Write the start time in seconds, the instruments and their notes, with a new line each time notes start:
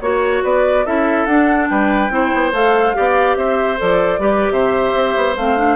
0.00 bassoon A#3, clarinet F#4, flute C#5, oboe C#5
0.43 bassoon B3, oboe B4, flute D5
0.85 bassoon C#4, clarinet E4, oboe A4, flute E5
1.26 bassoon D4, clarinet D4, flute F#5
1.68 bassoon G3, oboe B4, flute G5
2.10 bassoon C4, clarinet E4, oboe C5
2.34 bassoon B3
2.52 bassoon A3, clarinet A4, flute F5
2.94 bassoon B3, clarinet G4, oboe D5
3.36 bassoon C4, oboe C5, flute E5
3.77 bassoon F3, clarinet A4, flute D5
4.18 bassoon G3, clarinet G4, oboe B4
4.50 bassoon C3, oboe C5, flute E5
4.94 bassoon C4
5.16 bassoon B3
5.37 bassoon A3, clarinet C4, flute F5
5.57 clarinet D4